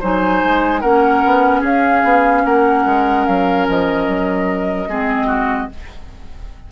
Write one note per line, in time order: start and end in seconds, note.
0.00 0.43 F#3
0.00 0.83 D#4
0.00 0.81 C5
0.00 0.81 G#5
0.44 0.83 G#3
0.81 1.24 A#3
0.81 4.88 C#4
0.81 1.60 A#4
0.81 1.62 F#5
1.25 1.62 B3
1.60 2.03 C#4
1.60 2.42 G#4
1.60 2.45 F5
2.03 2.44 B3
2.45 2.85 A#3
2.45 4.89 A#4
2.45 3.26 F#5
2.86 3.27 G#3
3.26 3.68 F#3
3.26 3.67 F5
3.68 4.08 F3
3.68 5.72 D#5
4.08 4.88 F#3
4.88 5.69 G#3
4.88 5.70 C4
4.88 5.27 G#4
5.27 5.67 F#4